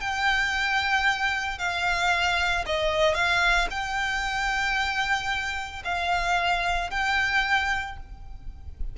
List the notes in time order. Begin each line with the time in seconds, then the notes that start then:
0.00 G5
1.58 F5
2.66 D#5
3.14 F5
3.70 G5
5.84 F5
6.90 G5